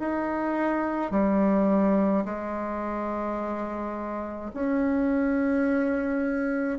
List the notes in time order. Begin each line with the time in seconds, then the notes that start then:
0.00 D#4
1.12 G3
2.25 G#3
4.54 C#4